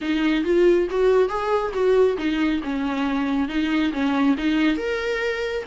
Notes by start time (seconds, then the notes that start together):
0.01 D#4
0.44 F4
0.90 F#4
1.28 G#4
1.73 F#4
2.17 D#4
2.63 C#4
3.48 D#4
3.92 C#4
4.37 D#4
4.76 A#4